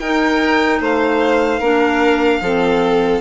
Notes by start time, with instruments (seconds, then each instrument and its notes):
0.00 bassoon D#4, clarinet D#4, violin A#4 G5
0.81 bassoon A3, violin C5 F5
1.60 bassoon A#3, clarinet D4, violin A#4
2.41 bassoon F3, clarinet C4, violin A4